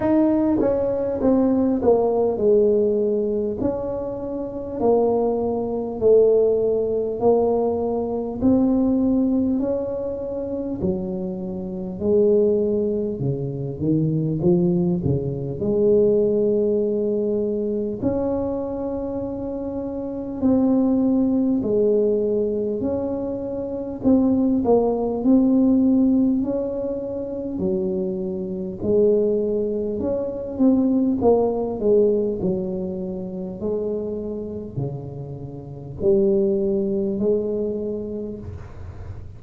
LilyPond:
\new Staff \with { instrumentName = "tuba" } { \time 4/4 \tempo 4 = 50 dis'8 cis'8 c'8 ais8 gis4 cis'4 | ais4 a4 ais4 c'4 | cis'4 fis4 gis4 cis8 dis8 | f8 cis8 gis2 cis'4~ |
cis'4 c'4 gis4 cis'4 | c'8 ais8 c'4 cis'4 fis4 | gis4 cis'8 c'8 ais8 gis8 fis4 | gis4 cis4 g4 gis4 | }